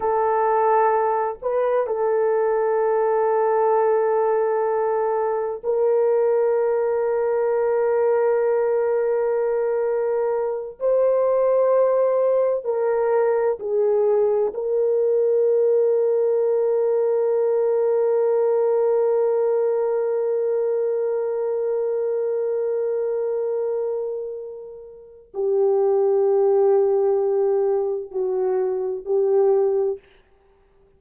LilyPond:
\new Staff \with { instrumentName = "horn" } { \time 4/4 \tempo 4 = 64 a'4. b'8 a'2~ | a'2 ais'2~ | ais'2.~ ais'8 c''8~ | c''4. ais'4 gis'4 ais'8~ |
ais'1~ | ais'1~ | ais'2. g'4~ | g'2 fis'4 g'4 | }